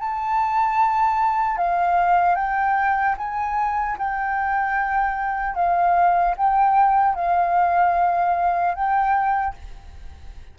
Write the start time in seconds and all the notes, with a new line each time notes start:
0.00 A5
1.58 F5
2.36 G5
3.18 G#5
3.99 G5
5.56 F5
6.37 G5
7.16 F5
8.75 G5